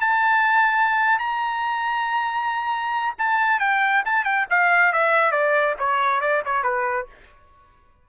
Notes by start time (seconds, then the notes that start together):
0.00 A5
1.19 A#5
3.18 A5
3.59 G5
4.05 A5
4.24 G5
4.50 F5
4.93 E5
5.31 D5
5.79 C#5
6.21 D5
6.45 C#5
6.63 B4